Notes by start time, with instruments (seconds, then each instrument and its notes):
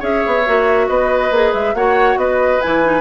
0.00 bassoon C#4, clarinet G#4, oboe C#5, flute E5
0.27 bassoon B3
0.46 bassoon A#3, clarinet F#4
0.88 bassoon B3, oboe B4, flute D#5
1.31 bassoon A#3, clarinet G#4
1.53 bassoon G#3, flute E5
1.74 bassoon A#3, clarinet F#4, oboe C#5, flute F#5
2.17 bassoon B3, oboe B4, flute D#5
2.61 bassoon E3, clarinet E4, flute G#5
2.84 clarinet D#4